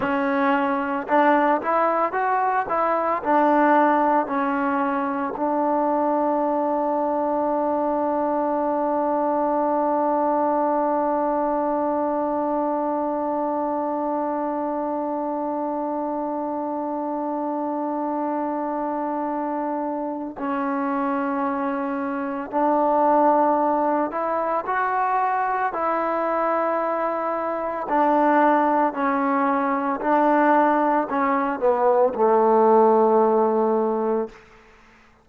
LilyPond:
\new Staff \with { instrumentName = "trombone" } { \time 4/4 \tempo 4 = 56 cis'4 d'8 e'8 fis'8 e'8 d'4 | cis'4 d'2.~ | d'1~ | d'1~ |
d'2. cis'4~ | cis'4 d'4. e'8 fis'4 | e'2 d'4 cis'4 | d'4 cis'8 b8 a2 | }